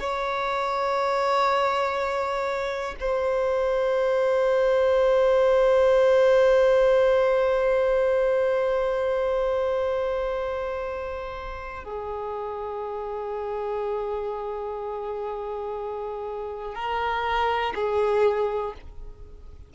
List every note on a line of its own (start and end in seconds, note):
0.00 2.95 C#5
3.00 11.84 C5
11.84 16.75 G#4
16.75 17.74 A#4
17.75 18.73 G#4